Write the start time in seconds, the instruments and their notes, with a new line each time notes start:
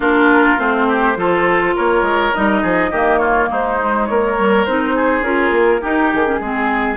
0.00 bassoon A#3, clarinet D4, oboe F4, flute A#4
0.58 bassoon A3, clarinet C4, flute C5
0.88 oboe G4
1.16 bassoon F3, clarinet F4, oboe A4
1.75 bassoon A#3, oboe A#4, flute C#5
2.01 bassoon G#3
2.33 bassoon G3, clarinet D#4, flute D#5
2.62 bassoon F3, oboe G#4
2.91 bassoon D#3, clarinet A#3, oboe G4
3.18 oboe F4, flute C#5
3.50 bassoon G#3, oboe D#4, flute C5
3.80 clarinet G#3
4.06 bassoon A#3, oboe A#4, flute C#5
4.37 clarinet G3
4.65 bassoon C4, clarinet D#4, flute C5
4.95 oboe G#4
5.21 bassoon C#4, clarinet F4, flute A#4
5.50 bassoon A#3
5.80 clarinet D#4, bassoon D#4, oboe G4
6.13 bassoon D#3, flute G#4
6.25 clarinet C#4
6.39 bassoon G#3, clarinet C4, oboe G#4